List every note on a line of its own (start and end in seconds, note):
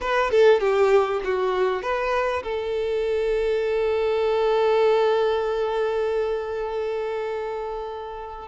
0.00 0.30 B4
0.30 0.60 A4
0.60 1.20 G4
1.24 1.82 F#4
1.82 2.42 B4
2.43 8.48 A4